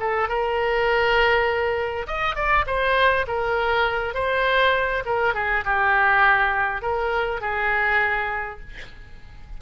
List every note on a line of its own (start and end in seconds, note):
0.00 0.28 A4
0.28 2.07 A#4
2.07 2.35 D#5
2.35 2.65 D5
2.66 3.26 C5
3.27 4.14 A#4
4.14 5.03 C5
5.05 5.34 A#4
5.34 5.64 G#4
5.64 6.82 G4
6.82 7.41 A#4
7.41 8.60 G#4